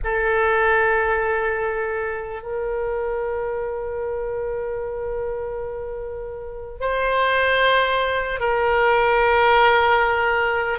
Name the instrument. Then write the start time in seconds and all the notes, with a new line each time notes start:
oboe
0.04 A4
2.42 A#4
6.80 C5
8.40 A#4